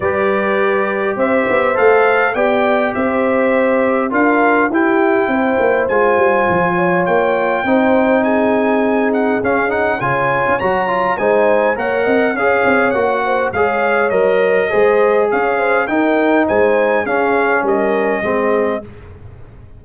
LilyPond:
<<
  \new Staff \with { instrumentName = "trumpet" } { \time 4/4 \tempo 4 = 102 d''2 e''4 f''4 | g''4 e''2 f''4 | g''2 gis''2 | g''2 gis''4. fis''8 |
f''8 fis''8 gis''4 ais''4 gis''4 | fis''4 f''4 fis''4 f''4 | dis''2 f''4 g''4 | gis''4 f''4 dis''2 | }
  \new Staff \with { instrumentName = "horn" } { \time 4/4 b'2 c''2 | d''4 c''2 ais'4 | g'4 c''2~ c''8 cis''8~ | cis''4 c''4 gis'2~ |
gis'4 cis''2 c''4 | cis''8 dis''8 cis''4. c''8 cis''4~ | cis''4 c''4 cis''8 c''8 ais'4 | c''4 gis'4 ais'4 gis'4 | }
  \new Staff \with { instrumentName = "trombone" } { \time 4/4 g'2. a'4 | g'2. f'4 | e'2 f'2~ | f'4 dis'2. |
cis'8 dis'8 f'4 fis'8 f'8 dis'4 | ais'4 gis'4 fis'4 gis'4 | ais'4 gis'2 dis'4~ | dis'4 cis'2 c'4 | }
  \new Staff \with { instrumentName = "tuba" } { \time 4/4 g2 c'8 b8 a4 | b4 c'2 d'4 | e'4 c'8 ais8 gis8 g8 f4 | ais4 c'2. |
cis'4 cis8. cis'16 fis4 gis4 | ais8 c'8 cis'8 c'8 ais4 gis4 | fis4 gis4 cis'4 dis'4 | gis4 cis'4 g4 gis4 | }
>>